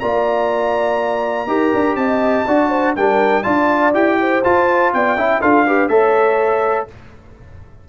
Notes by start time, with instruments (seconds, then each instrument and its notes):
0.00 tuba A#3, trombone F4, horn D5, trumpet A#5
1.47 tuba D#4, trombone G4, horn A#4
1.74 tuba D4
1.95 tuba C4, horn D#5, trumpet A5
2.47 tuba D4, trombone F#4, horn D5
2.69 horn C5
2.96 tuba G3, trombone D4, horn A#4, trumpet G5
3.43 tuba D4, trombone F4, horn D5, trumpet A5
3.93 tuba E4, trombone G4, trumpet G5
4.20 horn C5
4.44 trombone F4, tuba F4, trumpet A5
4.94 tuba B3, horn D5, trumpet G5
5.16 tuba C#4, trombone E4, horn E5
5.41 tuba D4, trombone F4, horn A4, trumpet F5
5.66 trombone G4, horn B4
5.88 tuba A3, trombone A4, horn C#5, trumpet E5